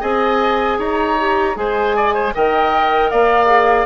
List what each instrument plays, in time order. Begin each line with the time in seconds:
0.00 bassoon C4, clarinet G#4, oboe D#5, flute G#5
0.78 bassoon D#4, oboe C#5, flute A#5
1.19 clarinet G4
1.54 bassoon G#3, clarinet G#4, oboe C5, flute G#5
1.96 oboe D5
2.14 oboe C5
2.34 bassoon D#3, clarinet A#4, oboe D#5, flute G5
3.10 bassoon A#3, oboe D5, flute F5
3.46 clarinet G#4